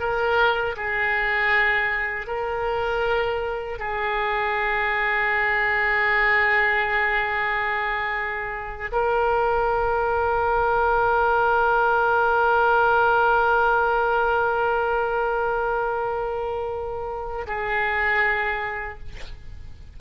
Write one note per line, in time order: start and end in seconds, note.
0.00 0.76 A#4
0.77 2.27 G#4
2.27 3.79 A#4
3.79 8.92 G#4
8.92 17.46 A#4
17.47 18.99 G#4